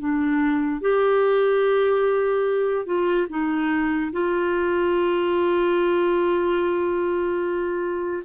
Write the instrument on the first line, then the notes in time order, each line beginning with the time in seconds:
clarinet
0.00 D4
0.81 G4
2.86 F4
3.30 D#4
4.12 F4